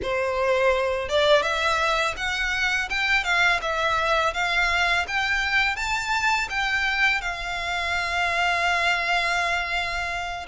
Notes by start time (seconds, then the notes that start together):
0.02 C5
1.08 D5
1.42 E5
2.17 F#5
2.89 G5
3.24 F5
3.61 E5
4.33 F5
5.07 G5
5.76 A5
6.49 G5
7.21 F5